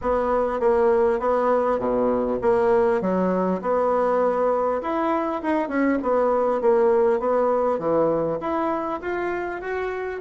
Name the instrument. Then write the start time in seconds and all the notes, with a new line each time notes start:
bassoon
0.01 B3
0.60 A#3
1.19 B3
1.79 B2
2.41 A#3
3.01 F#3
3.61 B3
4.82 E4
5.42 D#4
5.68 C#4
6.02 B3
6.61 A#3
7.19 B3
7.78 E3
8.40 E4
9.01 F4
9.61 F#4